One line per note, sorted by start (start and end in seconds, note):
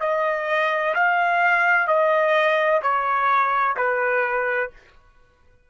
0.00 0.94 D#5
0.95 1.87 F5
1.87 2.81 D#5
2.82 3.76 C#5
3.76 4.70 B4